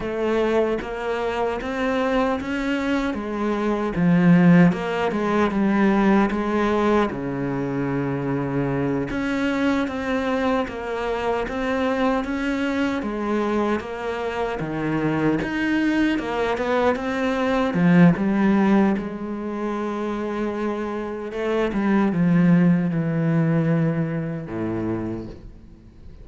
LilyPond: \new Staff \with { instrumentName = "cello" } { \time 4/4 \tempo 4 = 76 a4 ais4 c'4 cis'4 | gis4 f4 ais8 gis8 g4 | gis4 cis2~ cis8 cis'8~ | cis'8 c'4 ais4 c'4 cis'8~ |
cis'8 gis4 ais4 dis4 dis'8~ | dis'8 ais8 b8 c'4 f8 g4 | gis2. a8 g8 | f4 e2 a,4 | }